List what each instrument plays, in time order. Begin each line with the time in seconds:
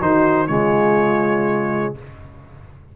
0.00 tuba D#3, trombone D#4, horn F#4, trumpet C5
0.47 tuba C#3, trombone G#3, horn F4, trumpet C#5